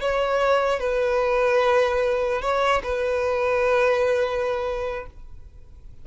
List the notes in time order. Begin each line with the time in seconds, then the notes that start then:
0.00 C#5
0.80 B4
2.41 C#5
2.83 B4